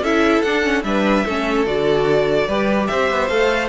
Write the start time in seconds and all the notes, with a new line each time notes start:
0.00 C#4 E4 A4 E5
0.42 D4 F#5
0.63 C#4
0.83 G3 D4 B4 E5
1.25 A3 C#4 A4
1.65 D3 F#4 D5
2.47 G3 G4 B4
2.87 C4 C5 E5
3.10 B3
3.27 A3 A4 F5